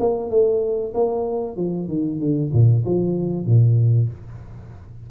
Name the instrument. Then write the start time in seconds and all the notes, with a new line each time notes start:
tuba
0.00 A#3
0.30 A3
0.94 A#3
1.57 F3
1.88 D#3
2.20 D3
2.53 A#2
2.85 F3
3.46 A#2